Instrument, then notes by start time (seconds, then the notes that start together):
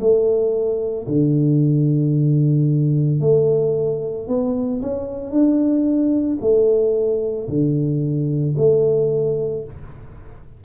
tuba
0.00 A3
1.08 D3
3.21 A3
4.28 B3
4.82 C#4
5.31 D4
6.41 A3
7.49 D3
8.58 A3